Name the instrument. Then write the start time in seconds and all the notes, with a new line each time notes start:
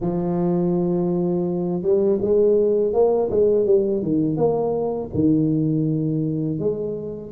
tuba
0.00 F3
1.82 G3
2.21 G#3
2.93 A#3
3.30 G#3
3.65 G3
4.02 D#3
4.36 A#3
5.14 D#3
6.59 G#3